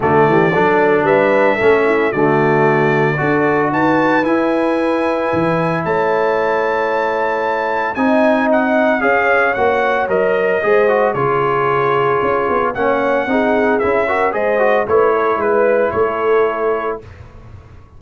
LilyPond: <<
  \new Staff \with { instrumentName = "trumpet" } { \time 4/4 \tempo 4 = 113 d''2 e''2 | d''2. a''4 | gis''2. a''4~ | a''2. gis''4 |
fis''4 f''4 fis''4 dis''4~ | dis''4 cis''2. | fis''2 e''4 dis''4 | cis''4 b'4 cis''2 | }
  \new Staff \with { instrumentName = "horn" } { \time 4/4 fis'8 g'8 a'4 b'4 a'8 e'8 | fis'2 a'4 b'4~ | b'2. cis''4~ | cis''2. dis''4~ |
dis''4 cis''2. | c''4 gis'2. | cis''4 gis'4. ais'8 c''4 | b'8 a'8 b'4 a'2 | }
  \new Staff \with { instrumentName = "trombone" } { \time 4/4 a4 d'2 cis'4 | a2 fis'2 | e'1~ | e'2. dis'4~ |
dis'4 gis'4 fis'4 ais'4 | gis'8 fis'8 f'2. | cis'4 dis'4 e'8 fis'8 gis'8 fis'8 | e'1 | }
  \new Staff \with { instrumentName = "tuba" } { \time 4/4 d8 e8 fis4 g4 a4 | d2 d'4 dis'4 | e'2 e4 a4~ | a2. c'4~ |
c'4 cis'4 ais4 fis4 | gis4 cis2 cis'8 b8 | ais4 c'4 cis'4 gis4 | a4 gis4 a2 | }
>>